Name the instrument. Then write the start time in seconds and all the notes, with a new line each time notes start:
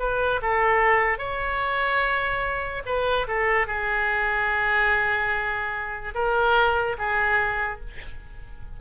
oboe
0.00 B4
0.42 A4
1.19 C#5
2.87 B4
3.28 A4
3.68 G#4
6.15 A#4
6.99 G#4